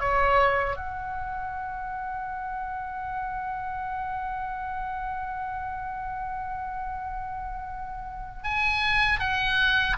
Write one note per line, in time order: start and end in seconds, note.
0.00 0.77 C#5
0.77 8.44 F#5
8.44 9.20 G#5
9.20 9.97 F#5